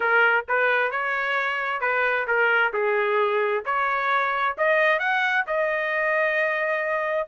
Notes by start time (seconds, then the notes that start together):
0.00 A#4
0.48 B4
0.91 C#5
1.81 B4
2.27 A#4
2.73 G#4
3.65 C#5
4.57 D#5
4.99 F#5
5.46 D#5